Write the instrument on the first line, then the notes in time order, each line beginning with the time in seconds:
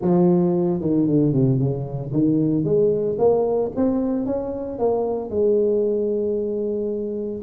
tuba
0.01 F3
0.80 D#3
1.06 D3
1.32 C3
1.58 C#3
2.12 D#3
2.64 G#3
3.18 A#3
3.76 C4
4.26 C#4
4.78 A#3
5.30 G#3